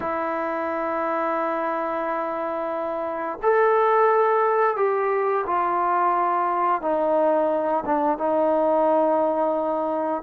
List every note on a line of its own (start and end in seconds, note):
0.00 3.38 E4
3.42 4.76 A4
4.76 5.44 G4
5.46 6.81 F4
6.81 7.83 D#4
7.85 8.18 D4
8.18 10.22 D#4